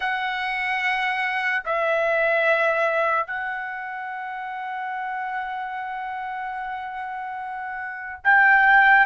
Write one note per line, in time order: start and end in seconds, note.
0.00 1.63 F#5
1.65 3.27 E5
3.27 8.20 F#5
8.23 9.06 G5